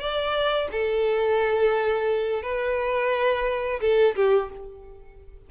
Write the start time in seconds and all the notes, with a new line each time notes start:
0.00 D5
0.72 A4
2.43 B4
3.82 A4
4.16 G4